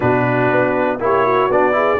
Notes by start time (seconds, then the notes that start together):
0.00 B2 D4 F#4 B4
0.50 B3
0.99 A#3 E4 G4 C#5
1.25 F#4
1.49 B3 D4 D5
1.72 E4 G#4